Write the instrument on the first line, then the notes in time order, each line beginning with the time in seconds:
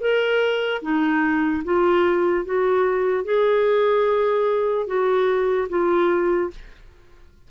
clarinet
0.00 A#4
0.81 D#4
1.64 F4
2.45 F#4
3.24 G#4
4.86 F#4
5.69 F4